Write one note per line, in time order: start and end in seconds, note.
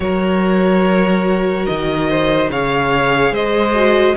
0.00 1.66 F#3
0.00 2.49 F#4
0.00 2.09 A#4
0.00 1.66 C#5
1.66 2.49 D#3
1.66 2.49 D#5
2.09 2.51 C5
2.49 3.31 C#3
2.49 3.74 G#4
2.49 3.32 C#5
2.49 3.34 F5
3.31 4.14 G#3
3.31 4.15 C5
3.31 4.16 D#5
3.74 4.15 F#4